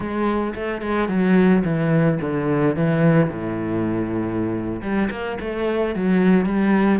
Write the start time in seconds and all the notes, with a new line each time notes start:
0.00 G#3
0.55 A3
0.81 G#3
1.08 F#3
1.64 E3
2.20 D3
2.75 E3
3.29 A2
4.81 G3
5.10 A#3
5.40 A3
5.94 F#3
6.45 G3